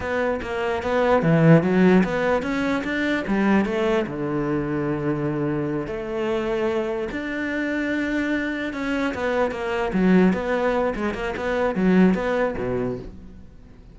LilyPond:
\new Staff \with { instrumentName = "cello" } { \time 4/4 \tempo 4 = 148 b4 ais4 b4 e4 | fis4 b4 cis'4 d'4 | g4 a4 d2~ | d2~ d8 a4.~ |
a4. d'2~ d'8~ | d'4. cis'4 b4 ais8~ | ais8 fis4 b4. gis8 ais8 | b4 fis4 b4 b,4 | }